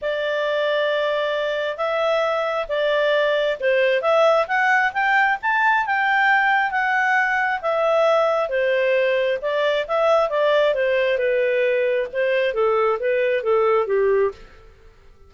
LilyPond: \new Staff \with { instrumentName = "clarinet" } { \time 4/4 \tempo 4 = 134 d''1 | e''2 d''2 | c''4 e''4 fis''4 g''4 | a''4 g''2 fis''4~ |
fis''4 e''2 c''4~ | c''4 d''4 e''4 d''4 | c''4 b'2 c''4 | a'4 b'4 a'4 g'4 | }